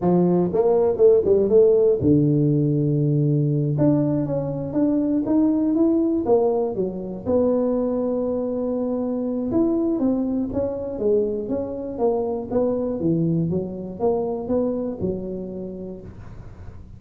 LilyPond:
\new Staff \with { instrumentName = "tuba" } { \time 4/4 \tempo 4 = 120 f4 ais4 a8 g8 a4 | d2.~ d8 d'8~ | d'8 cis'4 d'4 dis'4 e'8~ | e'8 ais4 fis4 b4.~ |
b2. e'4 | c'4 cis'4 gis4 cis'4 | ais4 b4 e4 fis4 | ais4 b4 fis2 | }